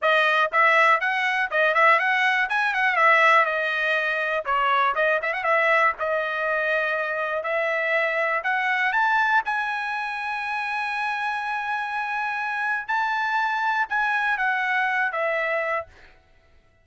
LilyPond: \new Staff \with { instrumentName = "trumpet" } { \time 4/4 \tempo 4 = 121 dis''4 e''4 fis''4 dis''8 e''8 | fis''4 gis''8 fis''8 e''4 dis''4~ | dis''4 cis''4 dis''8 e''16 fis''16 e''4 | dis''2. e''4~ |
e''4 fis''4 a''4 gis''4~ | gis''1~ | gis''2 a''2 | gis''4 fis''4. e''4. | }